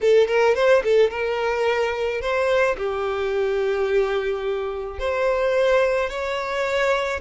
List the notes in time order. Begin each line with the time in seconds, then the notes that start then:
0.01 A4
0.27 A#4
0.55 C5
0.83 A4
1.10 A#4
2.21 C5
2.77 G4
4.99 C5
6.09 C#5